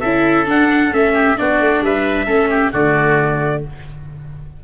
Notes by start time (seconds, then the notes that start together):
0.00 C#4 E4 A4 E5
0.46 D4 F#5
0.91 A3 C#4 E5
1.14 G4
1.37 B3 D4 F#4 D5
1.60 A3
1.81 G3 B4 E5
2.26 A3 C#4 A4
2.50 G4
2.72 D3 A3 F#4 D5